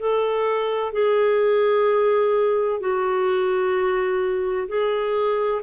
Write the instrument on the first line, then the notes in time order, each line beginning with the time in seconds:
clarinet
0.00 A4
0.92 G#4
2.80 F#4
4.68 G#4